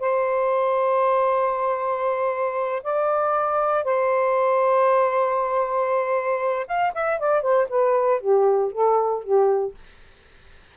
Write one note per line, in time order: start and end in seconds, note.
0.00 2.82 C5
2.83 3.84 D5
3.84 6.66 C5
6.67 6.93 F5
6.94 7.19 E5
7.19 7.42 D5
7.42 7.67 C5
7.69 8.21 B4
8.21 8.72 G4
8.72 9.23 A4
9.23 9.75 G4